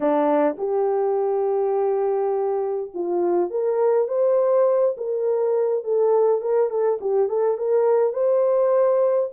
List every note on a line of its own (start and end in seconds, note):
0.00 0.56 D4
0.57 2.90 G4
2.93 3.50 F4
3.50 4.08 A#4
4.08 4.95 C5
4.97 5.84 A#4
5.84 6.41 A4
6.41 6.69 A#4
6.69 6.98 A4
7.00 7.28 G4
7.28 7.57 A4
7.57 8.13 A#4
8.13 9.29 C5